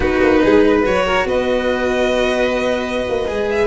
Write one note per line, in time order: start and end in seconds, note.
0.00 0.21 B3
0.00 0.82 D#4
0.00 0.41 F#4
0.00 0.83 B4
0.22 0.43 A#3
0.43 0.86 G#3
0.43 0.64 G#4
0.65 1.05 B4
0.82 1.24 F#3
0.82 3.25 F#4
0.82 1.27 C#5
1.05 1.26 A#4
1.24 3.04 B3
1.24 3.66 B4
1.24 3.49 D#5
3.09 3.29 A#3
3.27 3.66 G#3
3.27 3.66 G#4
3.49 3.66 E5